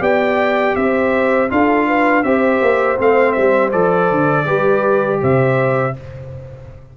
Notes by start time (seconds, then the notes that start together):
0.00 B3 G4 D5 G5
0.75 C4 C5 E5
1.50 D4 F4 A4 F5
1.87 B4
2.23 C4 G4 C5 E5
2.61 A#3
2.98 A3 C4 F5
3.32 G3 E5
3.72 F3 A4 D5
4.11 D3
4.45 G3 G4 B4
5.21 C3 C5 E5